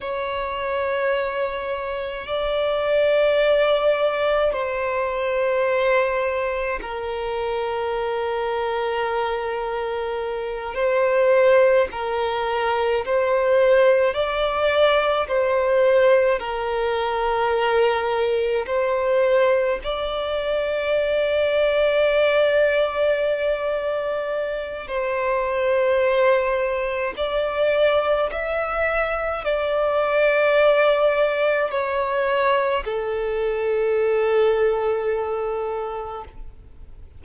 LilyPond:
\new Staff \with { instrumentName = "violin" } { \time 4/4 \tempo 4 = 53 cis''2 d''2 | c''2 ais'2~ | ais'4. c''4 ais'4 c''8~ | c''8 d''4 c''4 ais'4.~ |
ais'8 c''4 d''2~ d''8~ | d''2 c''2 | d''4 e''4 d''2 | cis''4 a'2. | }